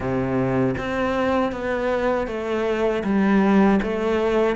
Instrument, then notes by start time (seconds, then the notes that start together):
cello
0.00 C3
0.77 C4
1.52 B3
2.27 A3
3.03 G3
3.82 A3